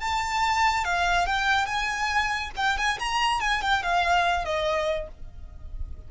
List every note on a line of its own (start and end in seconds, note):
0.00 0.84 A5
0.84 1.26 F5
1.26 1.66 G5
1.66 2.50 G#5
2.56 2.77 G5
2.77 2.98 G#5
2.99 3.40 A#5
3.40 3.61 G#5
3.61 3.83 G5
3.83 4.44 F5
4.44 5.08 D#5